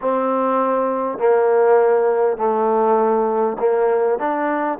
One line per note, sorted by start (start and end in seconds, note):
0.01 1.18 C4
1.18 2.37 A#3
2.37 3.57 A3
3.59 4.18 A#3
4.18 4.78 D4